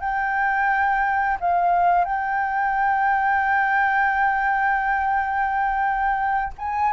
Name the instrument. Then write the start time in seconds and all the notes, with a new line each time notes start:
flute
0.00 G5
1.40 F5
2.05 G5
6.58 G#5